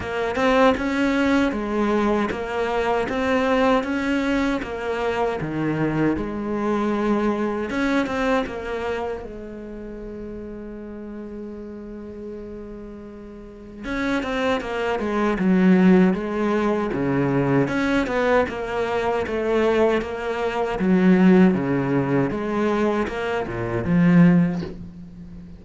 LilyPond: \new Staff \with { instrumentName = "cello" } { \time 4/4 \tempo 4 = 78 ais8 c'8 cis'4 gis4 ais4 | c'4 cis'4 ais4 dis4 | gis2 cis'8 c'8 ais4 | gis1~ |
gis2 cis'8 c'8 ais8 gis8 | fis4 gis4 cis4 cis'8 b8 | ais4 a4 ais4 fis4 | cis4 gis4 ais8 ais,8 f4 | }